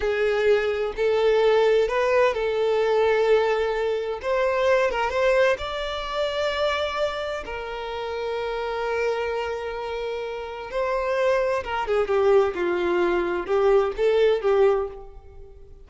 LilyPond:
\new Staff \with { instrumentName = "violin" } { \time 4/4 \tempo 4 = 129 gis'2 a'2 | b'4 a'2.~ | a'4 c''4. ais'8 c''4 | d''1 |
ais'1~ | ais'2. c''4~ | c''4 ais'8 gis'8 g'4 f'4~ | f'4 g'4 a'4 g'4 | }